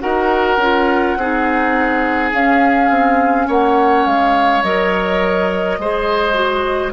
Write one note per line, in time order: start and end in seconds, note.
0.00 0.57 D#4
0.00 0.58 F#4
0.00 1.18 A#4
0.00 2.31 F#5
0.57 1.15 C#4
0.57 1.19 F4
1.17 2.32 C4
1.17 2.34 D#4
1.17 3.47 G#4
2.33 2.90 C#4
2.33 4.64 C#4
2.33 3.49 F5
2.90 3.48 C4
3.47 4.06 A#3
3.47 5.78 C#5
3.47 4.06 F#5
4.06 4.63 G#3
4.06 4.63 F5
4.63 5.78 F#3
4.63 5.80 A#4
4.63 6.93 D#5
5.78 6.93 G#3
5.78 6.33 G#4
5.78 6.93 C5
6.33 6.91 F#4